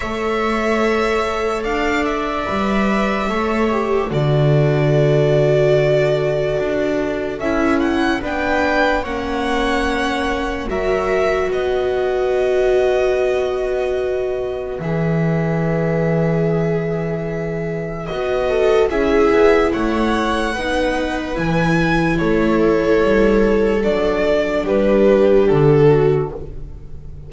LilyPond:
<<
  \new Staff \with { instrumentName = "violin" } { \time 4/4 \tempo 4 = 73 e''2 f''8 e''4.~ | e''4 d''2.~ | d''4 e''8 fis''8 g''4 fis''4~ | fis''4 e''4 dis''2~ |
dis''2 e''2~ | e''2 dis''4 e''4 | fis''2 gis''4 cis''4~ | cis''4 d''4 b'4 a'4 | }
  \new Staff \with { instrumentName = "viola" } { \time 4/4 cis''2 d''2 | cis''4 a'2.~ | a'2 b'4 cis''4~ | cis''4 ais'4 b'2~ |
b'1~ | b'2~ b'8 a'8 gis'4 | cis''4 b'2 a'4~ | a'2 g'4. fis'8 | }
  \new Staff \with { instrumentName = "viola" } { \time 4/4 a'2. b'4 | a'8 g'8 fis'2.~ | fis'4 e'4 d'4 cis'4~ | cis'4 fis'2.~ |
fis'2 gis'2~ | gis'2 fis'4 e'4~ | e'4 dis'4 e'2~ | e'4 d'2. | }
  \new Staff \with { instrumentName = "double bass" } { \time 4/4 a2 d'4 g4 | a4 d2. | d'4 cis'4 b4 ais4~ | ais4 fis4 b2~ |
b2 e2~ | e2 b4 cis'8 b8 | a4 b4 e4 a4 | g4 fis4 g4 d4 | }
>>